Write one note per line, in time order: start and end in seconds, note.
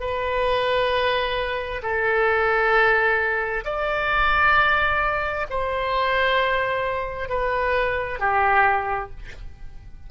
0.00 1.82 B4
1.82 3.64 A4
3.64 5.46 D5
5.50 7.29 C5
7.29 8.19 B4
8.19 9.10 G4